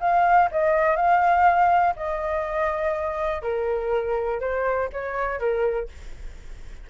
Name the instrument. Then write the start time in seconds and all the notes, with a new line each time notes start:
flute
0.00 F5
0.51 D#5
0.96 F5
1.96 D#5
3.42 A#4
4.40 C5
4.92 C#5
5.39 A#4